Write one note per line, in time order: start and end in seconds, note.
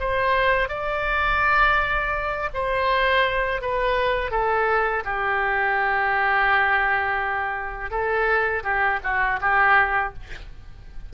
0.00 0.69 C5
0.69 2.50 D5
2.54 3.61 C5
3.61 4.31 B4
4.31 5.03 A4
5.05 7.91 G4
7.91 8.63 A4
8.63 8.99 G4
9.04 9.40 F#4
9.41 10.13 G4